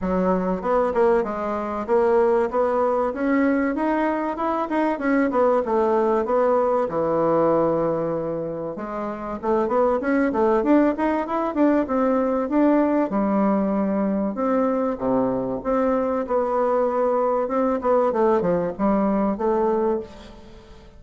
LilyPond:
\new Staff \with { instrumentName = "bassoon" } { \time 4/4 \tempo 4 = 96 fis4 b8 ais8 gis4 ais4 | b4 cis'4 dis'4 e'8 dis'8 | cis'8 b8 a4 b4 e4~ | e2 gis4 a8 b8 |
cis'8 a8 d'8 dis'8 e'8 d'8 c'4 | d'4 g2 c'4 | c4 c'4 b2 | c'8 b8 a8 f8 g4 a4 | }